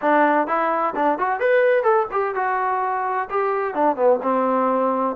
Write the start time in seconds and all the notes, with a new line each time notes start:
0.01 D4
0.47 E4
0.95 D4
1.18 F#4
1.40 B4
1.83 A4
2.11 G4
2.34 F#4
3.30 G4
3.74 D4
3.96 B3
4.22 C4